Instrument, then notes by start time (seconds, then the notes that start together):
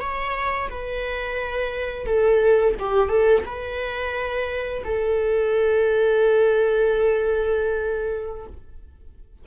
viola
0.00 C#5
0.69 B4
2.06 A4
2.79 G4
3.09 A4
3.45 B4
4.84 A4